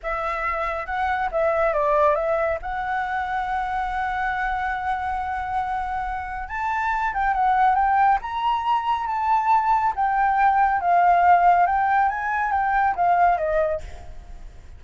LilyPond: \new Staff \with { instrumentName = "flute" } { \time 4/4 \tempo 4 = 139 e''2 fis''4 e''4 | d''4 e''4 fis''2~ | fis''1~ | fis''2. a''4~ |
a''8 g''8 fis''4 g''4 ais''4~ | ais''4 a''2 g''4~ | g''4 f''2 g''4 | gis''4 g''4 f''4 dis''4 | }